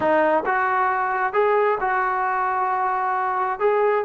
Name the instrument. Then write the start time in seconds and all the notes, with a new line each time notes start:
trombone
0.00 D#4
0.45 F#4
1.33 G#4
1.80 F#4
3.59 G#4